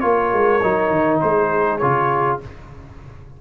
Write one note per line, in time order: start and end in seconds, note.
0.00 0.33 A#3
0.00 0.60 F4
0.00 1.22 A#4
0.00 1.18 C#5
0.33 0.62 G#3
0.62 0.90 F#3
0.62 1.80 D#4
0.90 1.19 D#3
1.20 1.82 G#3
1.20 2.40 G#4
1.20 1.78 C5
1.78 2.41 C#3
1.78 2.40 F4
1.78 2.37 C#5